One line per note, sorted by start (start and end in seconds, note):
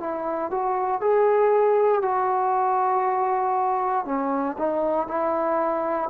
0.00 0.51 E4
0.51 1.01 F#4
1.01 2.02 G#4
2.02 4.05 F#4
4.05 4.56 C#4
4.58 5.08 D#4
5.08 6.09 E4